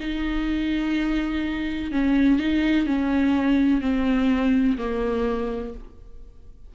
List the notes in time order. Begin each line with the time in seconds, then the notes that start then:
0.00 D#4
1.92 C#4
2.39 D#4
2.86 C#4
3.81 C4
4.78 A#3